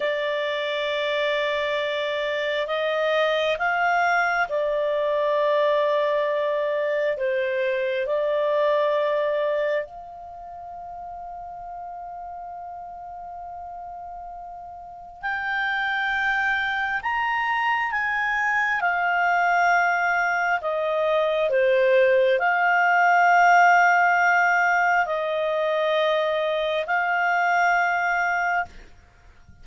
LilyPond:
\new Staff \with { instrumentName = "clarinet" } { \time 4/4 \tempo 4 = 67 d''2. dis''4 | f''4 d''2. | c''4 d''2 f''4~ | f''1~ |
f''4 g''2 ais''4 | gis''4 f''2 dis''4 | c''4 f''2. | dis''2 f''2 | }